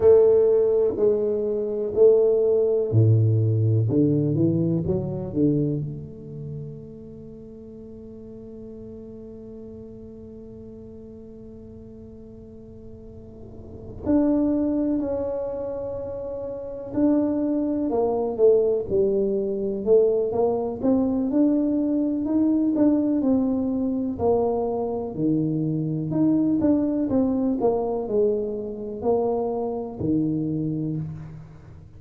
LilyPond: \new Staff \with { instrumentName = "tuba" } { \time 4/4 \tempo 4 = 62 a4 gis4 a4 a,4 | d8 e8 fis8 d8 a2~ | a1~ | a2~ a8 d'4 cis'8~ |
cis'4. d'4 ais8 a8 g8~ | g8 a8 ais8 c'8 d'4 dis'8 d'8 | c'4 ais4 dis4 dis'8 d'8 | c'8 ais8 gis4 ais4 dis4 | }